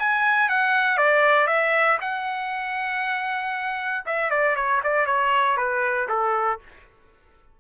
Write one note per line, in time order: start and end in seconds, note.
0.00 0.50 G#5
0.50 0.98 F#5
0.98 1.47 D5
1.47 1.98 E5
2.01 4.05 F#5
4.06 4.31 E5
4.31 4.56 D5
4.56 4.82 C#5
4.84 5.07 D5
5.07 5.57 C#5
5.57 6.08 B4
6.09 6.60 A4